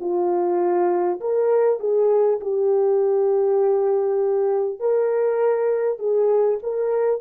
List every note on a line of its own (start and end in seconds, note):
0.00 1.20 F4
1.21 1.79 A#4
1.79 2.39 G#4
2.41 4.80 G4
4.80 5.99 A#4
5.99 6.59 G#4
6.63 7.21 A#4